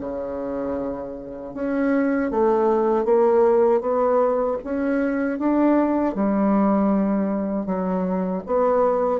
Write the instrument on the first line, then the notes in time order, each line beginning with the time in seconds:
bassoon
0.00 C#3
1.54 C#4
2.31 A3
3.05 A#3
3.81 B3
4.64 C#4
5.39 D4
6.15 G3
7.66 F#3
8.47 B3